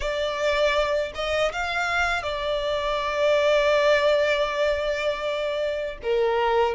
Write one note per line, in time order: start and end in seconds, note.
0.00 1.12 D5
1.14 1.52 D#5
1.52 2.22 F5
2.22 5.97 D5
6.02 6.74 A#4